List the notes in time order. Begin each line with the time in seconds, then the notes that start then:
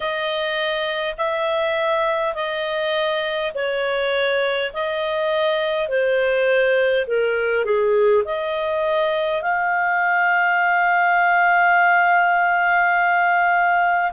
0.00 D#5
1.17 E5
2.34 D#5
3.54 C#5
4.73 D#5
5.88 C5
7.06 A#4
7.65 G#4
8.24 D#5
9.41 F5